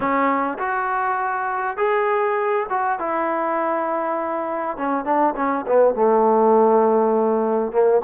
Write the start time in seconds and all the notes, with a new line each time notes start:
0.00 C#4
0.58 F#4
1.77 G#4
2.69 F#4
2.99 E4
4.77 C#4
5.04 D4
5.36 C#4
5.66 B3
5.95 A3
7.72 A#3